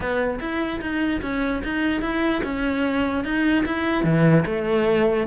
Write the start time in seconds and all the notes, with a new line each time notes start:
0.00 B3
0.39 E4
0.80 D#4
1.21 C#4
1.63 D#4
2.01 E4
2.43 C#4
3.24 D#4
3.65 E4
4.03 E3
4.45 A3